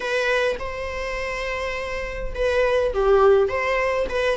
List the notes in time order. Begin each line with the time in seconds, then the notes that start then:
0.00 B4
0.59 C5
2.35 B4
2.93 G4
3.48 C5
4.09 B4